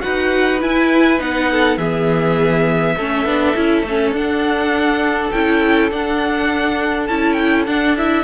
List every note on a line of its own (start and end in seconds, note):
0.00 0.63 D#4
0.00 0.59 F#4
0.00 1.51 B4
0.00 0.60 F#5
0.61 1.19 E4
0.61 1.21 E4
0.61 1.21 G#5
1.19 1.78 B3
1.19 1.78 D#4
1.19 1.78 F#5
1.52 1.79 A4
1.78 2.95 E3
1.78 2.97 B3
1.78 2.96 G#4
1.78 4.13 E5
2.97 3.25 A3
2.97 3.26 C#4
2.97 8.24 A4
3.25 3.54 B3
3.25 3.56 D4
3.56 3.83 C#4
3.56 3.85 E4
3.83 4.12 A3
3.83 4.16 C#4
4.12 5.30 D4
4.12 5.34 D4
4.12 5.32 F#5
5.32 5.92 C#4
5.32 5.91 E4
5.32 5.90 G5
5.91 7.09 D4
5.91 7.07 F#5
7.07 7.67 C#4
7.07 7.68 E4
7.07 7.34 A5
7.34 7.63 G5
7.67 8.24 D4
7.67 7.97 D4
7.67 7.97 F#5
7.97 8.24 E4
7.97 8.24 E5